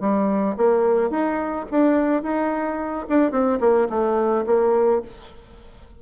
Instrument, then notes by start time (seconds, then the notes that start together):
bassoon
0.00 G3
0.57 A#3
1.10 D#4
1.71 D4
2.22 D#4
3.09 D4
3.31 C4
3.60 A#3
3.89 A3
4.46 A#3